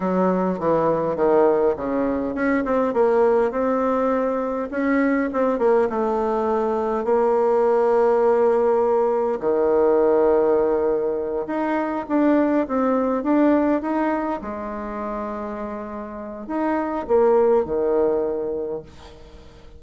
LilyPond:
\new Staff \with { instrumentName = "bassoon" } { \time 4/4 \tempo 4 = 102 fis4 e4 dis4 cis4 | cis'8 c'8 ais4 c'2 | cis'4 c'8 ais8 a2 | ais1 |
dis2.~ dis8 dis'8~ | dis'8 d'4 c'4 d'4 dis'8~ | dis'8 gis2.~ gis8 | dis'4 ais4 dis2 | }